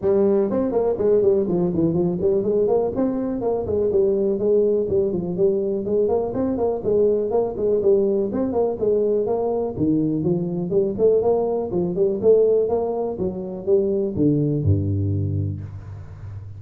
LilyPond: \new Staff \with { instrumentName = "tuba" } { \time 4/4 \tempo 4 = 123 g4 c'8 ais8 gis8 g8 f8 e8 | f8 g8 gis8 ais8 c'4 ais8 gis8 | g4 gis4 g8 f8 g4 | gis8 ais8 c'8 ais8 gis4 ais8 gis8 |
g4 c'8 ais8 gis4 ais4 | dis4 f4 g8 a8 ais4 | f8 g8 a4 ais4 fis4 | g4 d4 g,2 | }